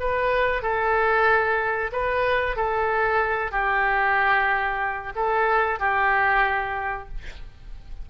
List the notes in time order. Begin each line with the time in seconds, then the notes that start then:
0.00 B4
0.62 A4
1.92 B4
2.56 A4
3.52 G4
5.15 A4
5.79 G4